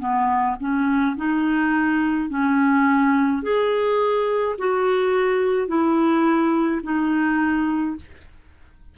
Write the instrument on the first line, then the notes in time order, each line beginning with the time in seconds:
clarinet
0.00 B3
0.60 C#4
1.17 D#4
2.30 C#4
3.43 G#4
4.58 F#4
5.69 E4
6.83 D#4